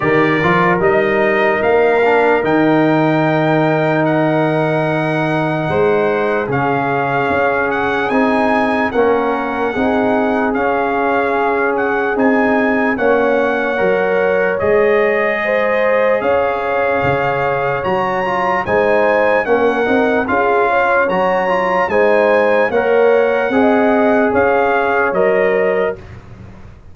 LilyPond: <<
  \new Staff \with { instrumentName = "trumpet" } { \time 4/4 \tempo 4 = 74 d''4 dis''4 f''4 g''4~ | g''4 fis''2. | f''4. fis''8 gis''4 fis''4~ | fis''4 f''4. fis''8 gis''4 |
fis''2 dis''2 | f''2 ais''4 gis''4 | fis''4 f''4 ais''4 gis''4 | fis''2 f''4 dis''4 | }
  \new Staff \with { instrumentName = "horn" } { \time 4/4 ais'1~ | ais'2. c''4 | gis'2. ais'4 | gis'1 |
cis''2. c''4 | cis''2. c''4 | ais'4 gis'8 cis''4. c''4 | cis''4 dis''4 cis''2 | }
  \new Staff \with { instrumentName = "trombone" } { \time 4/4 g'8 f'8 dis'4. d'8 dis'4~ | dis'1 | cis'2 dis'4 cis'4 | dis'4 cis'2 dis'4 |
cis'4 ais'4 gis'2~ | gis'2 fis'8 f'8 dis'4 | cis'8 dis'8 f'4 fis'8 f'8 dis'4 | ais'4 gis'2 ais'4 | }
  \new Staff \with { instrumentName = "tuba" } { \time 4/4 dis8 f8 g4 ais4 dis4~ | dis2. gis4 | cis4 cis'4 c'4 ais4 | c'4 cis'2 c'4 |
ais4 fis4 gis2 | cis'4 cis4 fis4 gis4 | ais8 c'8 cis'4 fis4 gis4 | ais4 c'4 cis'4 fis4 | }
>>